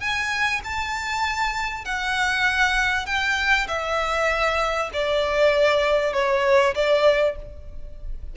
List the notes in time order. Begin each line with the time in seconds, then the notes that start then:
0.00 G#5
0.64 A5
1.85 F#5
3.06 G5
3.68 E5
4.93 D5
6.13 C#5
6.75 D5